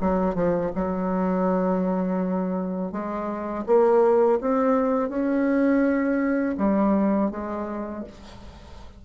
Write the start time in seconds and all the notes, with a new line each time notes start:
0.00 F#3
0.35 F3
0.75 F#3
2.91 G#3
3.66 A#3
4.40 C4
5.09 C#4
6.57 G3
7.30 G#3